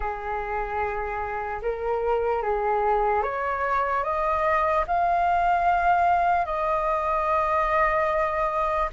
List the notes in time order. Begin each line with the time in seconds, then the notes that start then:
0.00 G#4
1.61 A#4
2.42 G#4
3.22 C#5
4.03 D#5
4.87 F5
6.45 D#5